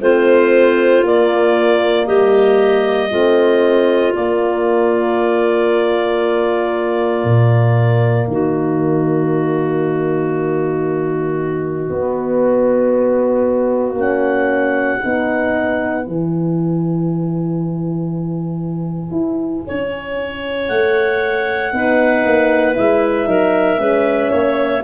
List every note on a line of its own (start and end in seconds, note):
0.00 1.03 A3
0.00 1.05 C4
0.00 2.06 F4
0.00 1.05 C5
1.03 2.07 A#3
1.03 3.12 A#3
1.03 2.07 D5
2.06 3.12 G3
2.06 3.09 G4
2.06 4.14 D#5
3.11 4.16 A3
3.11 4.16 C4
3.11 8.28 F4
4.16 11.90 A#3
4.16 7.24 A#3
4.16 8.28 D5
7.24 8.28 A#2
8.28 11.90 D#3
8.28 15.02 F#4
8.28 13.97 D#5
11.90 13.97 B3
11.90 13.94 B3
13.94 14.98 A#3
13.94 15.00 C#4
14.00 16.06 F#5
15.02 16.08 B3
15.02 16.06 D#4
15.02 19.67 B4
16.06 19.12 E3
16.06 21.72 E4
16.06 20.69 G#5
19.12 19.64 E4
19.67 20.70 C#4
19.67 21.74 C#5
20.69 21.73 A3
20.69 22.75 F#5
21.72 22.25 B3
21.72 22.74 D#4
21.72 23.29 B4
22.25 22.77 A#3
22.74 23.27 G#3
22.74 23.26 E4
22.74 24.84 E5
23.26 23.79 F#3
23.26 23.78 D#4
23.26 23.80 A#4
23.79 24.31 G#3
23.79 24.83 C#4
23.79 24.31 B4
24.31 24.84 A#3
24.31 24.83 C#5